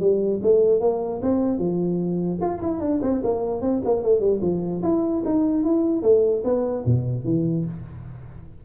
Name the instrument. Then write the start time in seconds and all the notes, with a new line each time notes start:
tuba
0.00 G3
0.42 A3
0.81 A#3
1.22 C4
1.59 F3
2.41 F4
2.62 E4
2.80 D4
3.02 C4
3.24 A#3
3.61 C4
3.85 A#3
4.03 A3
4.20 G3
4.42 F3
4.83 E4
5.25 D#4
5.64 E4
6.03 A3
6.44 B3
6.86 B2
7.25 E3